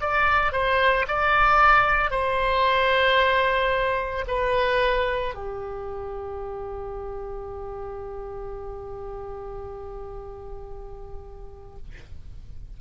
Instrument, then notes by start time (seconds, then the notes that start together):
oboe
0.00 D5
0.52 C5
1.07 D5
2.10 C5
4.27 B4
5.34 G4